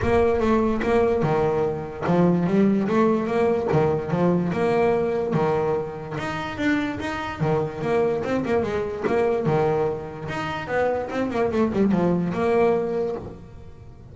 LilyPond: \new Staff \with { instrumentName = "double bass" } { \time 4/4 \tempo 4 = 146 ais4 a4 ais4 dis4~ | dis4 f4 g4 a4 | ais4 dis4 f4 ais4~ | ais4 dis2 dis'4 |
d'4 dis'4 dis4 ais4 | c'8 ais8 gis4 ais4 dis4~ | dis4 dis'4 b4 c'8 ais8 | a8 g8 f4 ais2 | }